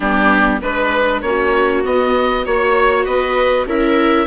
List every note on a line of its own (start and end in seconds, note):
0.00 0.61 G3
0.00 0.62 B3
0.00 0.60 D4
0.00 0.60 G4
0.61 1.22 G#3
0.61 1.23 D4
0.61 1.22 B4
0.61 1.21 B4
1.21 1.83 A#3
1.21 1.84 C#4
1.21 2.45 F#4
1.21 1.83 C#5
1.84 2.45 B3
1.84 2.46 B3
1.84 2.46 D#5
2.45 3.05 A#3
2.45 3.67 F#4
2.45 3.04 C#5
2.45 3.05 C#5
3.04 3.66 B3
3.04 3.66 B4
3.04 3.66 D#5
3.66 4.26 C#4
3.66 4.26 E4
3.66 4.26 A#4
3.66 4.26 E5